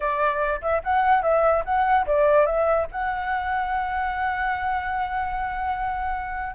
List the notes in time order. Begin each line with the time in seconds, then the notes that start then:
0.00 D5
0.61 E5
0.83 F#5
1.22 E5
1.65 F#5
2.06 D5
2.45 E5
2.91 F#5